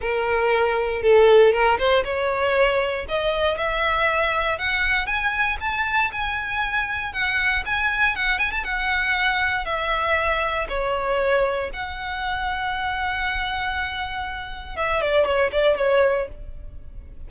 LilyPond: \new Staff \with { instrumentName = "violin" } { \time 4/4 \tempo 4 = 118 ais'2 a'4 ais'8 c''8 | cis''2 dis''4 e''4~ | e''4 fis''4 gis''4 a''4 | gis''2 fis''4 gis''4 |
fis''8 gis''16 a''16 fis''2 e''4~ | e''4 cis''2 fis''4~ | fis''1~ | fis''4 e''8 d''8 cis''8 d''8 cis''4 | }